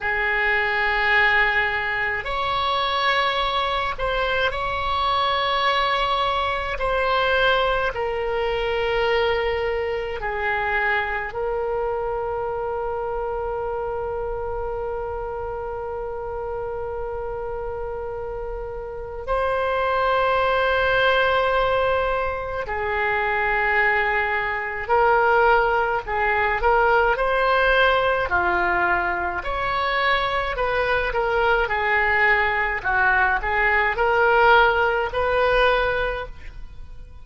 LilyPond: \new Staff \with { instrumentName = "oboe" } { \time 4/4 \tempo 4 = 53 gis'2 cis''4. c''8 | cis''2 c''4 ais'4~ | ais'4 gis'4 ais'2~ | ais'1~ |
ais'4 c''2. | gis'2 ais'4 gis'8 ais'8 | c''4 f'4 cis''4 b'8 ais'8 | gis'4 fis'8 gis'8 ais'4 b'4 | }